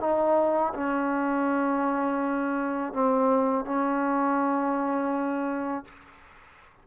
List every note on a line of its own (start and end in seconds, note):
0.00 0.73 D#4
0.74 2.93 C#4
2.93 3.65 C4
3.65 5.85 C#4